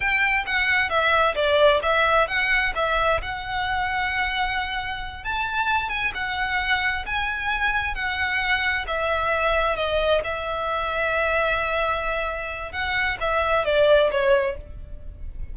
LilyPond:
\new Staff \with { instrumentName = "violin" } { \time 4/4 \tempo 4 = 132 g''4 fis''4 e''4 d''4 | e''4 fis''4 e''4 fis''4~ | fis''2.~ fis''8 a''8~ | a''4 gis''8 fis''2 gis''8~ |
gis''4. fis''2 e''8~ | e''4. dis''4 e''4.~ | e''1 | fis''4 e''4 d''4 cis''4 | }